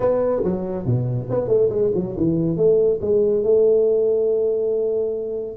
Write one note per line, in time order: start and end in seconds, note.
0.00 0.42 B3
0.43 0.85 F#3
0.85 1.28 B2
1.30 1.47 B3
1.47 1.69 A3
1.69 1.91 G#3
1.94 2.15 F#3
2.16 2.57 E3
2.57 2.99 A3
3.01 3.43 G#3
3.43 5.56 A3